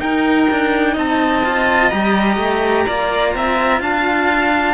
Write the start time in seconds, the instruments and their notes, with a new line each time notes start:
0.00 cello D#4, violin A#4, trumpet G5
0.51 cello D4
0.94 cello C4, violin D#5, trumpet A5
1.45 cello F4
1.90 cello G3 G4, trumpet A#5
2.37 cello A3
2.87 cello A#3 F4, violin D5
3.35 cello C4, violin E5
3.81 cello D4, violin F5, trumpet A5